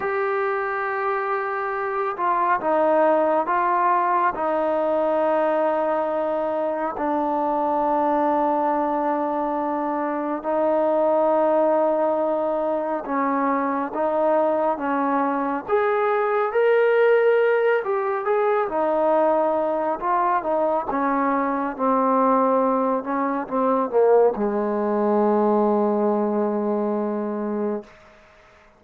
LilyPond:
\new Staff \with { instrumentName = "trombone" } { \time 4/4 \tempo 4 = 69 g'2~ g'8 f'8 dis'4 | f'4 dis'2. | d'1 | dis'2. cis'4 |
dis'4 cis'4 gis'4 ais'4~ | ais'8 g'8 gis'8 dis'4. f'8 dis'8 | cis'4 c'4. cis'8 c'8 ais8 | gis1 | }